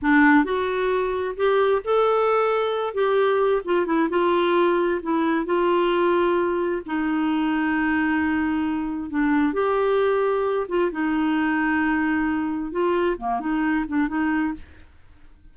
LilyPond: \new Staff \with { instrumentName = "clarinet" } { \time 4/4 \tempo 4 = 132 d'4 fis'2 g'4 | a'2~ a'8 g'4. | f'8 e'8 f'2 e'4 | f'2. dis'4~ |
dis'1 | d'4 g'2~ g'8 f'8 | dis'1 | f'4 ais8 dis'4 d'8 dis'4 | }